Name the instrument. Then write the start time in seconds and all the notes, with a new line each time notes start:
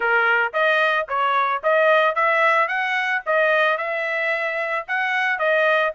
trumpet
0.00 A#4
0.53 D#5
1.08 C#5
1.63 D#5
2.15 E5
2.68 F#5
3.26 D#5
3.77 E5
4.87 F#5
5.38 D#5